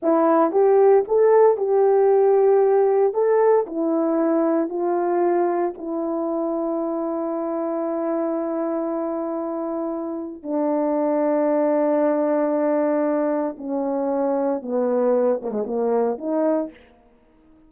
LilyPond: \new Staff \with { instrumentName = "horn" } { \time 4/4 \tempo 4 = 115 e'4 g'4 a'4 g'4~ | g'2 a'4 e'4~ | e'4 f'2 e'4~ | e'1~ |
e'1 | d'1~ | d'2 cis'2 | b4. ais16 gis16 ais4 dis'4 | }